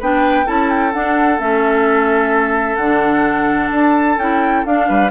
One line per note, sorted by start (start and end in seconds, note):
0.00 0.47 B3
0.00 0.46 D4
0.00 0.46 B4
0.00 0.48 G5
0.46 0.94 C#4
0.46 0.92 E4
0.46 4.88 A4
0.46 0.70 A5
0.70 0.93 G5
0.93 1.40 D4
0.93 1.39 D4
0.93 1.40 F#5
1.39 2.78 A3
1.39 2.79 C#4
1.39 2.76 E5
2.76 3.71 D3
2.76 4.20 D4
2.76 3.69 F#5
3.71 4.18 D4
3.71 4.19 A5
4.18 4.64 C#4
4.18 4.66 E4
4.18 4.65 G5
4.66 4.89 D4
4.66 5.11 D4
4.66 5.11 F5
4.89 5.11 G3
4.89 5.11 B4